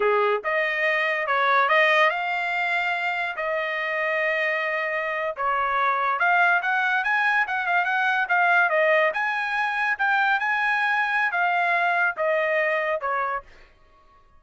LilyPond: \new Staff \with { instrumentName = "trumpet" } { \time 4/4 \tempo 4 = 143 gis'4 dis''2 cis''4 | dis''4 f''2. | dis''1~ | dis''8. cis''2 f''4 fis''16~ |
fis''8. gis''4 fis''8 f''8 fis''4 f''16~ | f''8. dis''4 gis''2 g''16~ | g''8. gis''2~ gis''16 f''4~ | f''4 dis''2 cis''4 | }